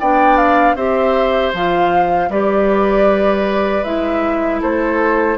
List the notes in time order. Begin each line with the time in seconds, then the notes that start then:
0.00 B3 D4 D5 G5
0.37 F5
0.75 C4 G4 C5 E5
1.53 F3 F4 F5
2.29 G3 G4 B4 D5
3.84 G#3 E4 E5
4.61 A3 A4 C5